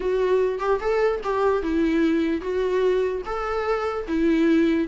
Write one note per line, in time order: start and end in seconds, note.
0.00 0.59 F#4
0.59 0.79 G4
0.80 1.21 A4
1.23 1.62 G4
1.62 2.41 E4
2.41 3.22 F#4
3.25 4.07 A4
4.07 4.88 E4